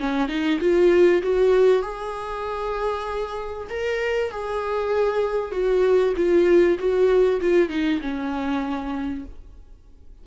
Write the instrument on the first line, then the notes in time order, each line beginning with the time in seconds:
viola
0.00 C#4
0.29 D#4
0.61 F4
1.23 F#4
1.83 G#4
3.70 A#4
4.31 G#4
5.52 F#4
6.17 F4
6.79 F#4
7.41 F4
7.70 D#4
8.02 C#4